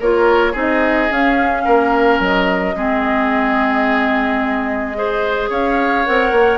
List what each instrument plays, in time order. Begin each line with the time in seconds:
0.00 bassoon A#3, clarinet F4, oboe A#4, flute C#5
0.52 bassoon C4, clarinet D#4, oboe G#4
0.59 flute D#5
1.11 bassoon C#4, clarinet C#4, flute F5
1.65 bassoon A#3, oboe A#4
2.20 bassoon F#3, flute D#5
2.75 bassoon G#3, clarinet C4, oboe G#4
4.95 clarinet G#4, oboe C5
5.50 bassoon C#4, oboe C#5, flute F5
6.06 bassoon C4, clarinet A#4, flute F#5
6.32 bassoon A#3